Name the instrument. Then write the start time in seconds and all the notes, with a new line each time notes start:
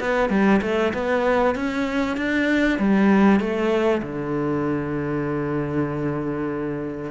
cello
0.00 B3
0.30 G3
0.62 A3
0.94 B3
1.55 C#4
2.17 D4
2.79 G3
3.40 A3
4.03 D3